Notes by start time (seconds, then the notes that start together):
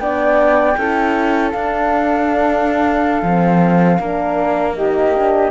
0.00 B3 D4 D5 G5
0.78 C#4 E4 A4
1.52 D4 F5
3.23 F3 C4
3.99 A#3 D4 A#4
4.76 D#4 G4 D#5
5.16 D4